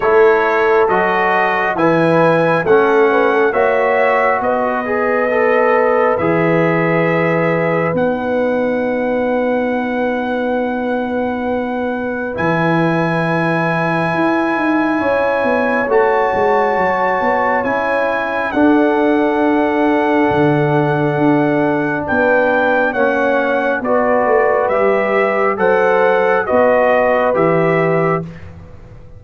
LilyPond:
<<
  \new Staff \with { instrumentName = "trumpet" } { \time 4/4 \tempo 4 = 68 cis''4 dis''4 gis''4 fis''4 | e''4 dis''2 e''4~ | e''4 fis''2.~ | fis''2 gis''2~ |
gis''2 a''2 | gis''4 fis''2.~ | fis''4 g''4 fis''4 d''4 | e''4 fis''4 dis''4 e''4 | }
  \new Staff \with { instrumentName = "horn" } { \time 4/4 a'2 b'4 a'8 b'16 a'16 | cis''4 b'2.~ | b'1~ | b'1~ |
b'4 cis''2.~ | cis''4 a'2.~ | a'4 b'4 cis''4 b'4~ | b'4 c''4 b'2 | }
  \new Staff \with { instrumentName = "trombone" } { \time 4/4 e'4 fis'4 e'4 cis'4 | fis'4. gis'8 a'4 gis'4~ | gis'4 dis'2.~ | dis'2 e'2~ |
e'2 fis'2 | e'4 d'2.~ | d'2 cis'4 fis'4 | g'4 a'4 fis'4 g'4 | }
  \new Staff \with { instrumentName = "tuba" } { \time 4/4 a4 fis4 e4 a4 | ais4 b2 e4~ | e4 b2.~ | b2 e2 |
e'8 dis'8 cis'8 b8 a8 gis8 fis8 b8 | cis'4 d'2 d4 | d'4 b4 ais4 b8 a8 | g4 fis4 b4 e4 | }
>>